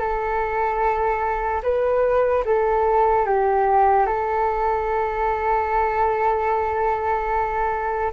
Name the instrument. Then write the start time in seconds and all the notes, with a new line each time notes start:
flute
0.00 A4
1.63 B4
2.46 A4
3.27 G4
4.07 A4